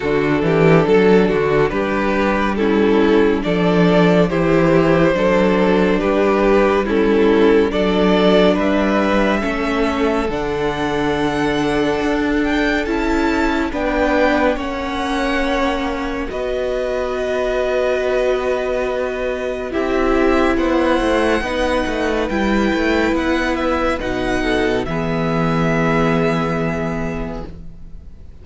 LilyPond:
<<
  \new Staff \with { instrumentName = "violin" } { \time 4/4 \tempo 4 = 70 a'2 b'4 a'4 | d''4 c''2 b'4 | a'4 d''4 e''2 | fis''2~ fis''8 g''8 a''4 |
g''4 fis''2 dis''4~ | dis''2. e''4 | fis''2 g''4 fis''8 e''8 | fis''4 e''2. | }
  \new Staff \with { instrumentName = "violin" } { \time 4/4 fis'8 g'8 a'8 fis'8 g'4 e'4 | a'4 g'4 a'4 g'4 | e'4 a'4 b'4 a'4~ | a'1 |
b'4 cis''2 b'4~ | b'2. g'4 | c''4 b'2.~ | b'8 a'8 gis'2. | }
  \new Staff \with { instrumentName = "viola" } { \time 4/4 d'2. cis'4 | d'4 e'4 d'2 | cis'4 d'2 cis'4 | d'2. e'4 |
d'4 cis'2 fis'4~ | fis'2. e'4~ | e'4 dis'4 e'2 | dis'4 b2. | }
  \new Staff \with { instrumentName = "cello" } { \time 4/4 d8 e8 fis8 d8 g2 | f4 e4 fis4 g4~ | g4 fis4 g4 a4 | d2 d'4 cis'4 |
b4 ais2 b4~ | b2. c'4 | b8 a8 b8 a8 g8 a8 b4 | b,4 e2. | }
>>